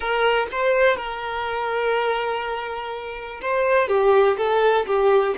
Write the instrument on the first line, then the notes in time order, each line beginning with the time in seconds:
violin
0.00 A#4
0.51 C5
0.96 A#4
3.41 C5
3.88 G4
4.37 A4
4.86 G4